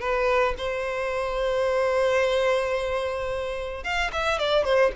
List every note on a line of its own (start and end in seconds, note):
0.00 0.55 B4
0.58 3.84 C5
3.84 4.11 F5
4.13 4.39 E5
4.39 4.64 D5
4.64 4.92 C5